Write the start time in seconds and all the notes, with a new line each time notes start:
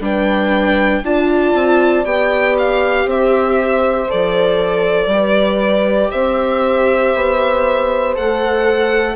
0.00 G3 D4 B4 G5
1.03 D4 F4 D5 A5
1.54 C4
2.05 B3 G4 G5
2.59 F5
3.05 C4 C5 E5
4.09 F3 A4 D5
5.07 G3 B4
5.13 G4
6.11 C4 C5 E5
7.15 B3
8.15 A3 A4 F#5